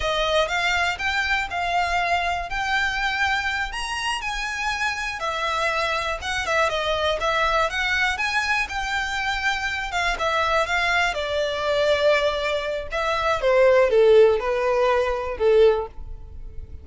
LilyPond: \new Staff \with { instrumentName = "violin" } { \time 4/4 \tempo 4 = 121 dis''4 f''4 g''4 f''4~ | f''4 g''2~ g''8 ais''8~ | ais''8 gis''2 e''4.~ | e''8 fis''8 e''8 dis''4 e''4 fis''8~ |
fis''8 gis''4 g''2~ g''8 | f''8 e''4 f''4 d''4.~ | d''2 e''4 c''4 | a'4 b'2 a'4 | }